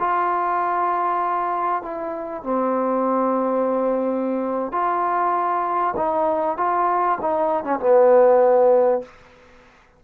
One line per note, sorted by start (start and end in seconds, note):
0.00 1.83 F4
1.83 2.44 E4
2.44 4.72 C4
4.72 5.95 F4
5.97 6.57 D#4
6.57 7.19 F4
7.22 7.64 D#4
7.64 7.80 C#4
7.80 9.03 B3